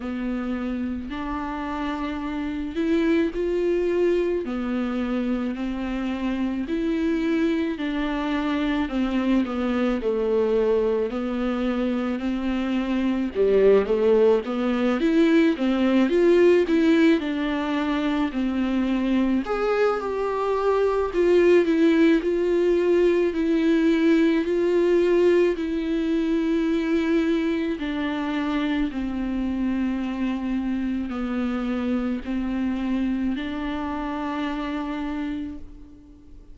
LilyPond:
\new Staff \with { instrumentName = "viola" } { \time 4/4 \tempo 4 = 54 b4 d'4. e'8 f'4 | b4 c'4 e'4 d'4 | c'8 b8 a4 b4 c'4 | g8 a8 b8 e'8 c'8 f'8 e'8 d'8~ |
d'8 c'4 gis'8 g'4 f'8 e'8 | f'4 e'4 f'4 e'4~ | e'4 d'4 c'2 | b4 c'4 d'2 | }